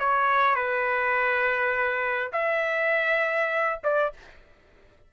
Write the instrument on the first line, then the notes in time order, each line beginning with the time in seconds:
trumpet
0.00 C#5
0.55 B4
2.33 E5
3.84 D5